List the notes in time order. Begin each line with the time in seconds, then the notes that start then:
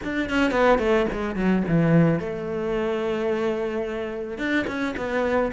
0.03 D4
0.29 C#4
0.51 B3
0.79 A3
1.12 G#3
1.35 F#3
1.67 E3
2.19 A3
4.38 D4
4.67 C#4
4.96 B3